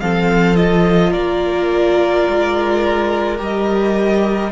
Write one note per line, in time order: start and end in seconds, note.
0.00 1.14 F3
0.00 0.57 C4
0.00 1.12 A4
0.00 0.56 F5
0.56 3.38 F4
0.56 1.12 D#5
1.12 2.27 A#3
1.12 4.51 A#4
1.12 3.39 D5
2.28 3.40 G#3
3.38 4.52 G3
3.38 4.51 G4
3.38 4.52 D#5